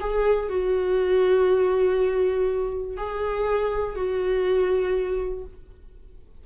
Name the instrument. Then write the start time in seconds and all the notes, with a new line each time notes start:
viola
0.00 G#4
0.49 F#4
2.97 G#4
3.95 F#4